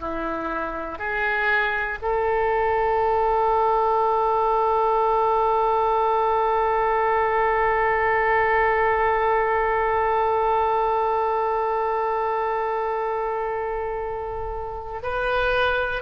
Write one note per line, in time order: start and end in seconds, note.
0.00 0.99 E4
0.99 1.99 G#4
2.02 15.02 A4
15.03 16.03 B4